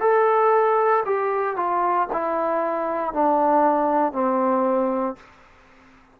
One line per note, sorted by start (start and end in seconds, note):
0.00 1.03 A4
1.05 1.56 G4
1.56 2.08 F4
2.13 3.13 E4
3.13 4.12 D4
4.12 5.16 C4